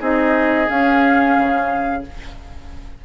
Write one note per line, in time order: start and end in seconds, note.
0.00 0.69 C4
0.00 0.67 D#4
0.00 2.03 G#4
0.00 0.70 D#5
0.67 2.02 C#4
0.67 1.38 C#4
0.67 2.04 F5
1.38 2.05 C#3